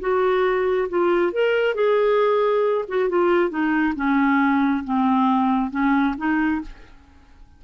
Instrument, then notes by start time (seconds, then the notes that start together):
clarinet
0.00 F#4
0.89 F4
1.32 A#4
1.75 G#4
2.88 F#4
3.09 F4
3.50 D#4
3.95 C#4
4.84 C4
5.71 C#4
6.17 D#4